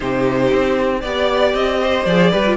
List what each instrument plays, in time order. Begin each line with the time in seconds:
0.00 cello C3, viola D#4, violin G4 C5
0.51 cello C4
1.00 cello B3, viola G4, violin D5
1.54 cello C4, violin D#5
1.81 violin C5
2.05 cello F3, viola G#4, violin D5
2.30 cello G3, viola G4, violin B4
2.46 viola F4